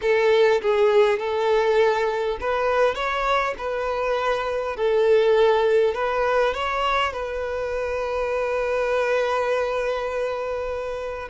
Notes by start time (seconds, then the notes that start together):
0.01 A4
0.61 G#4
1.19 A4
2.40 B4
2.95 C#5
3.58 B4
4.76 A4
5.94 B4
6.54 C#5
7.12 B4